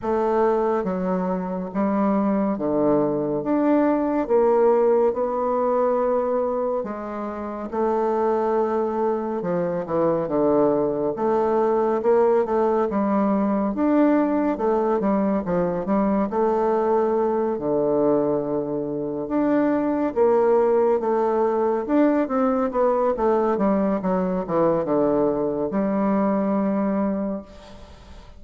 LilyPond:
\new Staff \with { instrumentName = "bassoon" } { \time 4/4 \tempo 4 = 70 a4 fis4 g4 d4 | d'4 ais4 b2 | gis4 a2 f8 e8 | d4 a4 ais8 a8 g4 |
d'4 a8 g8 f8 g8 a4~ | a8 d2 d'4 ais8~ | ais8 a4 d'8 c'8 b8 a8 g8 | fis8 e8 d4 g2 | }